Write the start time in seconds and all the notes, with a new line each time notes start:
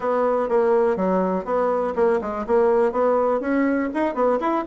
0.00 B3
0.49 A#3
0.96 F#3
1.44 B3
1.95 A#3
2.21 G#3
2.46 A#3
2.92 B3
3.40 C#4
3.94 D#4
4.14 B3
4.39 E4